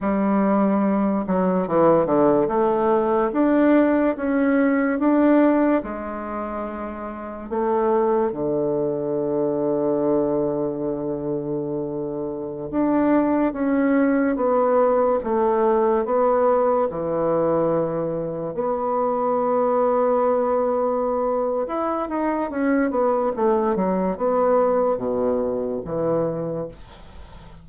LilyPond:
\new Staff \with { instrumentName = "bassoon" } { \time 4/4 \tempo 4 = 72 g4. fis8 e8 d8 a4 | d'4 cis'4 d'4 gis4~ | gis4 a4 d2~ | d2.~ d16 d'8.~ |
d'16 cis'4 b4 a4 b8.~ | b16 e2 b4.~ b16~ | b2 e'8 dis'8 cis'8 b8 | a8 fis8 b4 b,4 e4 | }